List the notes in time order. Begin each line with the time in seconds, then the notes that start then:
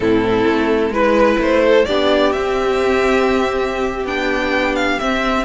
0.00 A2 C4 E4 A4
0.46 A3
0.90 G#3 E4 B4
1.38 A3 C5
1.64 A4
1.85 B3 D4 G4 D5
2.32 C4 E5
4.04 B3 D4 G5
4.75 F5
4.99 C4 E5